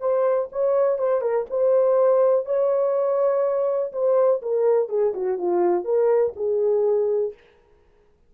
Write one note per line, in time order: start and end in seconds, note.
0.00 0.49 C5
0.52 0.98 C#5
0.98 1.21 C5
1.21 1.45 A#4
1.50 2.45 C5
2.45 3.92 C#5
3.92 4.41 C5
4.42 4.89 A#4
4.89 5.13 G#4
5.14 5.38 F#4
5.38 5.84 F4
5.84 6.33 A#4
6.36 7.33 G#4